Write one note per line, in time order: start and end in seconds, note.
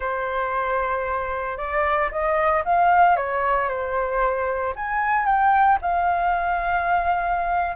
0.00 1.57 C5
1.57 2.10 D5
2.11 2.63 D#5
2.65 3.16 F5
3.16 3.68 C#5
3.68 4.74 C5
4.75 5.25 G#5
5.25 5.78 G5
5.81 7.76 F5